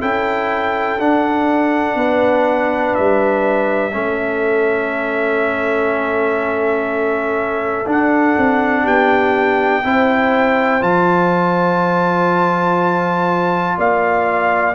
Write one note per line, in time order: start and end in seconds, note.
0.00 0.98 C#4
0.00 0.99 E4
0.00 1.97 A4
0.00 1.00 G5
0.98 1.95 D4
0.98 3.92 D4
0.98 2.95 F#5
1.95 2.93 B3
1.95 3.93 B4
2.95 3.95 G3
2.95 7.86 E5
3.92 7.86 A3
3.92 7.85 C#4
3.92 8.83 A4
7.86 8.35 D4
7.86 9.83 D4
7.86 8.87 F#5
8.37 8.85 C4
8.83 9.84 B3
8.83 9.82 G4
8.83 10.82 G5
9.84 10.82 C4
9.84 10.81 E4
9.84 13.77 C5
10.81 13.77 F3
10.81 14.74 F4
10.81 13.77 A5
13.77 14.74 A#3
13.77 14.74 D5
13.77 14.74 F5